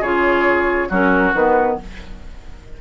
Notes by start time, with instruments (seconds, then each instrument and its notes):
0.00 bassoon C#3, clarinet F4, oboe G#4, flute C#5
0.89 bassoon F#3, clarinet C#4, oboe F#4, flute A#4
1.34 bassoon D#3, clarinet B3, flute B4